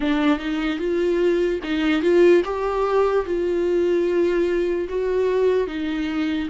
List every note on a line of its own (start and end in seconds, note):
0.00 0.38 D4
0.38 0.79 D#4
0.79 1.60 F4
1.63 2.02 D#4
2.02 2.42 F4
2.44 3.25 G4
3.25 4.88 F4
4.89 5.67 F#4
5.67 6.48 D#4